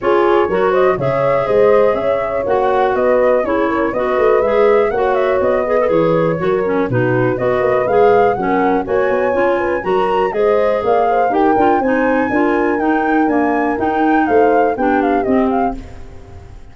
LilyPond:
<<
  \new Staff \with { instrumentName = "flute" } { \time 4/4 \tempo 4 = 122 cis''4. dis''8 e''4 dis''4 | e''4 fis''4 dis''4 cis''4 | dis''4 e''4 fis''8 e''8 dis''4 | cis''2 b'4 dis''4 |
f''4 fis''4 gis''2 | ais''4 dis''4 f''4 g''4 | gis''2 g''4 gis''4 | g''4 f''4 g''8 f''8 dis''8 f''8 | }
  \new Staff \with { instrumentName = "horn" } { \time 4/4 gis'4 ais'8 c''8 cis''4 c''4 | cis''2 b'4 gis'8 ais'8 | b'2 cis''4. b'8~ | b'4 ais'4 fis'4 b'4~ |
b'4 ais'4 cis''4. b'8 | ais'4 c''4 d''8 c''8 ais'4 | c''4 ais'2.~ | ais'4 c''4 g'2 | }
  \new Staff \with { instrumentName = "clarinet" } { \time 4/4 f'4 fis'4 gis'2~ | gis'4 fis'2 e'4 | fis'4 gis'4 fis'4. gis'16 a'16 | gis'4 fis'8 cis'8 dis'4 fis'4 |
gis'4 cis'4 fis'4 f'4 | fis'4 gis'2 g'8 f'8 | dis'4 f'4 dis'4 ais4 | dis'2 d'4 c'4 | }
  \new Staff \with { instrumentName = "tuba" } { \time 4/4 cis'4 fis4 cis4 gis4 | cis'4 ais4 b4 cis'4 | b8 a8 gis4 ais4 b4 | e4 fis4 b,4 b8 ais8 |
gis4 fis4 ais8 b8 cis'4 | fis4 gis4 ais4 dis'8 d'8 | c'4 d'4 dis'4 d'4 | dis'4 a4 b4 c'4 | }
>>